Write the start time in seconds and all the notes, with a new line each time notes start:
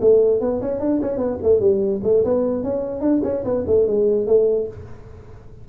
0.00 A3
0.40 B3
0.61 C#4
0.79 D4
1.01 C#4
1.17 B3
1.42 A3
1.60 G3
2.03 A3
2.24 B3
2.63 C#4
3.00 D4
3.23 C#4
3.44 B3
3.66 A3
3.86 G#3
4.26 A3